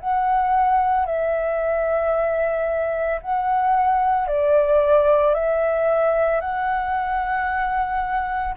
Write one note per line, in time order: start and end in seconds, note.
0.00 1.06 F#5
1.06 3.20 E5
3.21 4.28 F#5
4.28 5.34 D5
5.34 6.40 E5
6.40 8.55 F#5